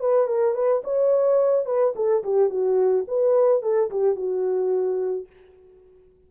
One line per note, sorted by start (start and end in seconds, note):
0.00 0.27 B4
0.27 0.54 A#4
0.54 0.82 B4
0.84 1.66 C#5
1.66 1.93 B4
1.95 2.23 A4
2.24 2.49 G4
2.49 3.05 F#4
3.08 3.62 B4
3.62 3.90 A4
3.90 4.15 G4
4.15 5.27 F#4